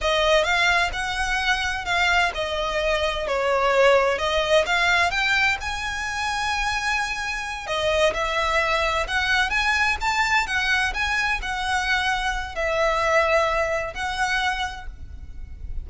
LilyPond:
\new Staff \with { instrumentName = "violin" } { \time 4/4 \tempo 4 = 129 dis''4 f''4 fis''2 | f''4 dis''2 cis''4~ | cis''4 dis''4 f''4 g''4 | gis''1~ |
gis''8 dis''4 e''2 fis''8~ | fis''8 gis''4 a''4 fis''4 gis''8~ | gis''8 fis''2~ fis''8 e''4~ | e''2 fis''2 | }